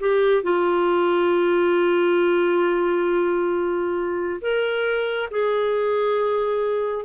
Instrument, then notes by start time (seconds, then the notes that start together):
clarinet
0.00 G4
0.43 F4
4.41 A#4
5.31 G#4